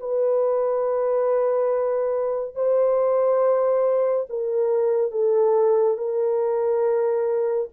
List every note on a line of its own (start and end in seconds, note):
0.00 2.55 B4
2.55 4.27 C5
4.30 5.12 A#4
5.12 5.98 A4
5.98 7.69 A#4